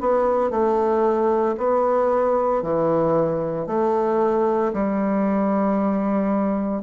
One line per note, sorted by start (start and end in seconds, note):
0.00 0.50 B3
0.50 1.56 A3
1.57 2.62 B3
2.62 3.67 E3
3.67 4.72 A3
4.73 6.82 G3